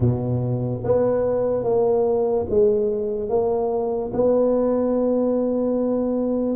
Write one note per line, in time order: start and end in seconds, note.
0.00 0.82 B2
0.84 1.63 B3
1.63 2.45 A#3
2.49 3.29 G#3
3.29 4.11 A#3
4.13 6.55 B3